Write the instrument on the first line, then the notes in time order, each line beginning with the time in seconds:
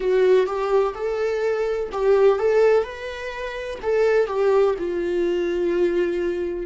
viola
0.00 F#4
0.46 G4
0.94 A4
1.91 G4
2.39 A4
2.83 B4
3.82 A4
4.26 G4
4.78 F4